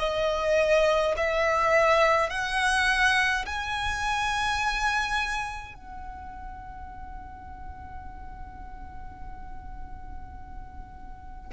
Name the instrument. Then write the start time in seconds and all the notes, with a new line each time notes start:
violin
0.00 D#5
1.17 E5
2.30 F#5
3.46 G#5
5.75 F#5